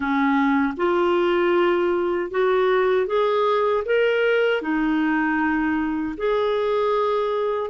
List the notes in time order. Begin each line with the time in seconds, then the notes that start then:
0.00 C#4
0.77 F4
2.30 F#4
3.06 G#4
3.85 A#4
4.61 D#4
6.17 G#4